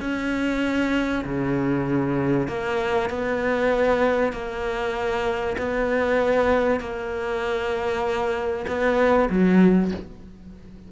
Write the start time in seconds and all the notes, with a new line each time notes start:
0.00 C#4
1.25 C#3
2.48 A#3
3.10 B3
4.32 A#3
5.58 B3
6.80 A#3
8.67 B3
9.30 F#3